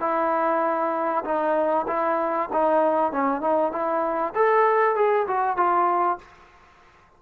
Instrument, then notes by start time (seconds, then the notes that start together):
trombone
0.00 E4
1.24 D#4
1.87 E4
2.53 D#4
3.12 C#4
3.41 D#4
3.72 E4
4.35 A4
4.95 G#4
5.27 F#4
5.56 F4